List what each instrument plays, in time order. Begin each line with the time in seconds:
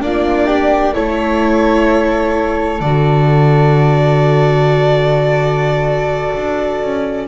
0.00 double bass A#3, viola D4, flute F4, violin D5
0.46 flute G4
0.94 double bass A3, viola E4, flute A4, violin C#5
2.80 double bass D3, viola F#4, violin D5
6.35 double bass D4
6.81 double bass C#4